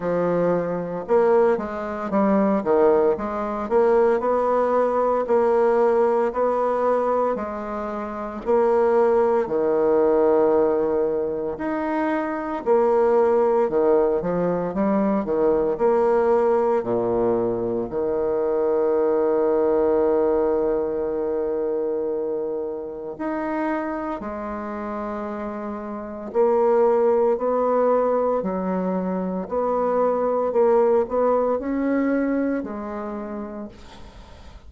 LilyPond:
\new Staff \with { instrumentName = "bassoon" } { \time 4/4 \tempo 4 = 57 f4 ais8 gis8 g8 dis8 gis8 ais8 | b4 ais4 b4 gis4 | ais4 dis2 dis'4 | ais4 dis8 f8 g8 dis8 ais4 |
ais,4 dis2.~ | dis2 dis'4 gis4~ | gis4 ais4 b4 fis4 | b4 ais8 b8 cis'4 gis4 | }